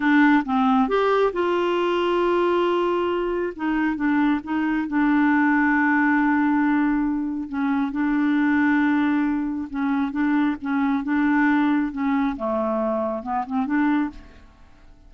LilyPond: \new Staff \with { instrumentName = "clarinet" } { \time 4/4 \tempo 4 = 136 d'4 c'4 g'4 f'4~ | f'1 | dis'4 d'4 dis'4 d'4~ | d'1~ |
d'4 cis'4 d'2~ | d'2 cis'4 d'4 | cis'4 d'2 cis'4 | a2 b8 c'8 d'4 | }